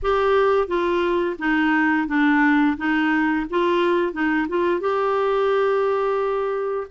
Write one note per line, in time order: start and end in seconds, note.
0.02 0.67 G4
0.67 1.36 F4
1.38 2.07 D#4
2.07 2.76 D4
2.77 3.46 D#4
3.50 4.12 F4
4.12 4.47 D#4
4.48 4.80 F4
4.80 6.87 G4